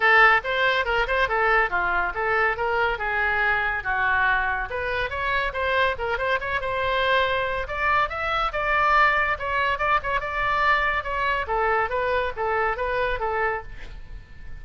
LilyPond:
\new Staff \with { instrumentName = "oboe" } { \time 4/4 \tempo 4 = 141 a'4 c''4 ais'8 c''8 a'4 | f'4 a'4 ais'4 gis'4~ | gis'4 fis'2 b'4 | cis''4 c''4 ais'8 c''8 cis''8 c''8~ |
c''2 d''4 e''4 | d''2 cis''4 d''8 cis''8 | d''2 cis''4 a'4 | b'4 a'4 b'4 a'4 | }